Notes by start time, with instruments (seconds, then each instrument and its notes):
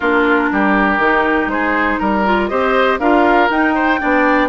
0.00 bassoon A#3, clarinet D4, oboe F4, flute A#4
0.51 bassoon G3, oboe G4
0.98 bassoon D#3, clarinet D#4
1.47 bassoon G#3, oboe G#4, flute C5
1.98 bassoon G3, flute A#4, oboe A#4
2.25 clarinet F4
2.48 bassoon C4, clarinet G4, oboe C5, flute D#5
2.99 bassoon D4, clarinet F4, oboe A#4, flute F5
3.49 bassoon D#4, clarinet D#4, flute G5
3.75 oboe C5
3.99 bassoon B3, clarinet D4, oboe D5